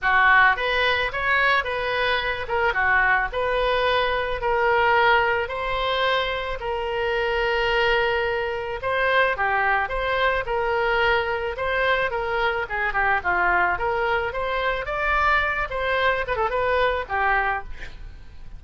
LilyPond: \new Staff \with { instrumentName = "oboe" } { \time 4/4 \tempo 4 = 109 fis'4 b'4 cis''4 b'4~ | b'8 ais'8 fis'4 b'2 | ais'2 c''2 | ais'1 |
c''4 g'4 c''4 ais'4~ | ais'4 c''4 ais'4 gis'8 g'8 | f'4 ais'4 c''4 d''4~ | d''8 c''4 b'16 a'16 b'4 g'4 | }